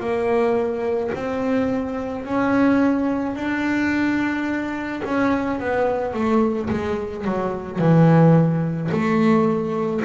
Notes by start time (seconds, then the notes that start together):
0.00 A#3
1.14 C4
2.25 C#4
3.35 D4
5.04 C#4
5.59 B3
6.14 A3
6.70 G#3
7.25 F#3
7.79 E3
8.91 A3